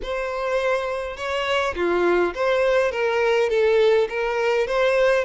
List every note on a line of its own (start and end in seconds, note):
0.02 1.16 C5
1.16 1.74 C#5
1.75 2.34 F4
2.34 2.91 C5
2.91 3.49 A#4
3.49 4.08 A4
4.09 4.67 A#4
4.67 5.24 C5